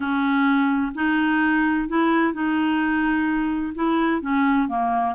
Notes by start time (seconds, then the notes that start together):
0.00 C#4
0.95 D#4
1.88 E4
2.33 D#4
3.74 E4
4.21 C#4
4.68 A#3